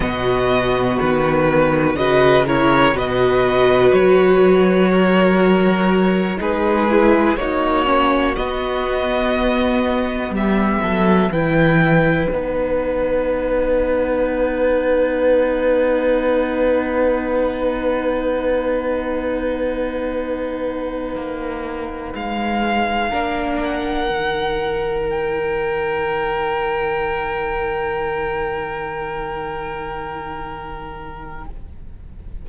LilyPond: <<
  \new Staff \with { instrumentName = "violin" } { \time 4/4 \tempo 4 = 61 dis''4 b'4 dis''8 cis''8 dis''4 | cis''2~ cis''8 b'4 cis''8~ | cis''8 dis''2 e''4 g''8~ | g''8 fis''2.~ fis''8~ |
fis''1~ | fis''2~ fis''8 f''4. | fis''4. g''2~ g''8~ | g''1 | }
  \new Staff \with { instrumentName = "violin" } { \time 4/4 fis'2 b'8 ais'8 b'4~ | b'4 ais'4. gis'4 fis'8~ | fis'2~ fis'8 g'8 a'8 b'8~ | b'1~ |
b'1~ | b'2.~ b'8 ais'8~ | ais'1~ | ais'1 | }
  \new Staff \with { instrumentName = "viola" } { \time 4/4 b2 fis'8 e'8 fis'4~ | fis'2~ fis'8 dis'8 e'8 dis'8 | cis'8 b2. e'8~ | e'8 dis'2.~ dis'8~ |
dis'1~ | dis'2.~ dis'8 d'8~ | d'8 dis'2.~ dis'8~ | dis'1 | }
  \new Staff \with { instrumentName = "cello" } { \time 4/4 b,4 dis4 cis4 b,4 | fis2~ fis8 gis4 ais8~ | ais8 b2 g8 fis8 e8~ | e8 b2.~ b8~ |
b1~ | b4. ais4 gis4 ais8~ | ais8 dis2.~ dis8~ | dis1 | }
>>